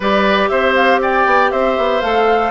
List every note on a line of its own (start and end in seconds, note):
0.00 0.49 G3
0.00 2.02 G4
0.00 0.49 B4
0.00 0.48 D5
0.48 1.26 C4
0.48 1.01 C5
0.48 0.73 E5
0.75 1.01 F5
1.01 1.51 D5
1.01 1.51 G5
1.26 1.51 B3
1.51 1.77 C4
1.51 2.50 C5
1.51 2.01 E5
1.77 2.02 B3
2.01 2.50 A3
2.01 2.50 A4
2.01 2.50 F5